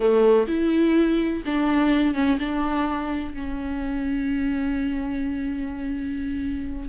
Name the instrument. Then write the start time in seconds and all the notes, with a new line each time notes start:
viola
0.00 A3
0.47 E4
1.45 D4
2.14 C#4
2.39 D4
3.34 C#4